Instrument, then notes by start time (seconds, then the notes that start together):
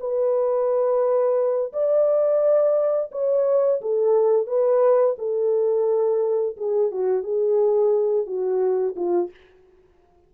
horn
0.00 B4
1.73 D5
3.12 C#5
3.81 A4
4.47 B4
5.18 A4
6.57 G#4
6.91 F#4
7.24 G#4
8.26 F#4
8.96 F4